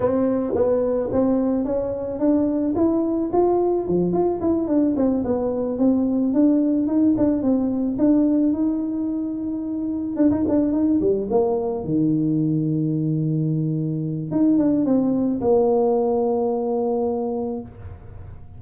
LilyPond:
\new Staff \with { instrumentName = "tuba" } { \time 4/4 \tempo 4 = 109 c'4 b4 c'4 cis'4 | d'4 e'4 f'4 f8 f'8 | e'8 d'8 c'8 b4 c'4 d'8~ | d'8 dis'8 d'8 c'4 d'4 dis'8~ |
dis'2~ dis'8 d'16 dis'16 d'8 dis'8 | g8 ais4 dis2~ dis8~ | dis2 dis'8 d'8 c'4 | ais1 | }